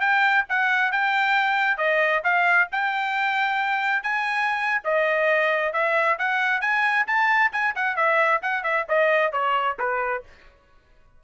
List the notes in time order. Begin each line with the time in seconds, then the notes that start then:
0.00 G5
0.49 F#5
0.92 G5
1.77 D#5
2.24 F5
2.72 G5
4.03 G#5
4.84 D#5
5.73 E5
6.18 F#5
6.61 G#5
7.07 A5
7.52 G#5
7.75 F#5
7.96 E5
8.42 F#5
8.63 E5
8.88 D#5
9.32 C#5
9.79 B4